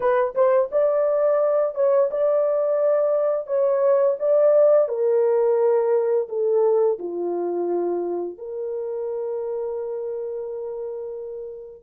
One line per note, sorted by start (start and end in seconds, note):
0.00 0.34 B4
0.34 0.69 C5
0.71 1.74 D5
1.74 2.09 C#5
2.11 3.46 D5
3.46 4.16 C#5
4.19 4.88 D5
4.88 6.28 A#4
6.28 6.98 A4
6.99 8.38 F4
8.38 11.83 A#4